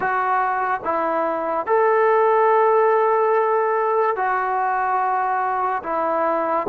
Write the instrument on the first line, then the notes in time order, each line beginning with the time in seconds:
trombone
0.00 F#4
0.83 E4
1.66 A4
4.16 F#4
5.83 E4